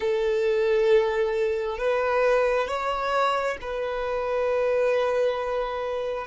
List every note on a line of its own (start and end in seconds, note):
0.00 1.78 A4
1.78 2.67 B4
2.67 3.57 C#5
3.61 6.27 B4